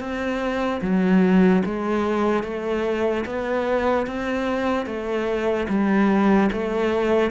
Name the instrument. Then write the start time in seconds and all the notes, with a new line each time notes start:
cello
0.00 C4
0.82 F#3
1.66 G#3
2.44 A3
3.26 B3
4.07 C4
4.86 A3
5.69 G3
6.53 A3